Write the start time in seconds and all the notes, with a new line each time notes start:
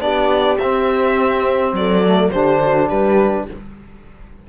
0.00 B3 D4 G4 D5
0.58 C4 E5
1.73 F#3 A4 D5
2.06 A3
2.31 D3 D4 G4 C5
2.62 F#4
2.88 G3 G4 B4